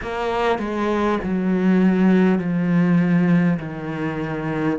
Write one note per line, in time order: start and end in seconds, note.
0.02 0.58 A#3
0.58 1.18 G#3
1.23 2.38 F#3
2.38 3.58 F3
3.59 4.78 D#3